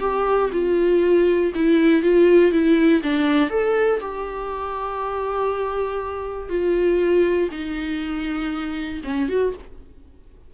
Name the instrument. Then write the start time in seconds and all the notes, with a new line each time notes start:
viola
0.00 G4
0.53 F4
1.55 E4
2.02 F4
2.52 E4
3.03 D4
3.50 A4
4.00 G4
6.50 F4
7.51 D#4
9.04 C#4
9.29 F#4